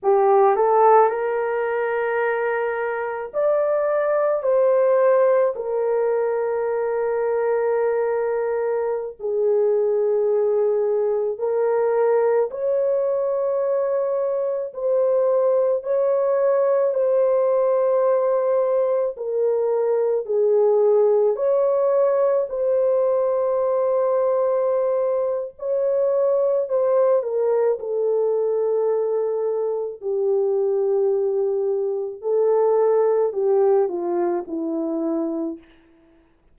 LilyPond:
\new Staff \with { instrumentName = "horn" } { \time 4/4 \tempo 4 = 54 g'8 a'8 ais'2 d''4 | c''4 ais'2.~ | ais'16 gis'2 ais'4 cis''8.~ | cis''4~ cis''16 c''4 cis''4 c''8.~ |
c''4~ c''16 ais'4 gis'4 cis''8.~ | cis''16 c''2~ c''8. cis''4 | c''8 ais'8 a'2 g'4~ | g'4 a'4 g'8 f'8 e'4 | }